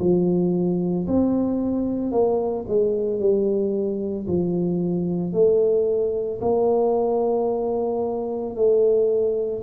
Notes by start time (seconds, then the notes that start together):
0.00 F3
1.08 C4
2.12 A#3
2.69 G#3
3.20 G3
4.28 F3
5.33 A3
6.42 A#3
8.56 A3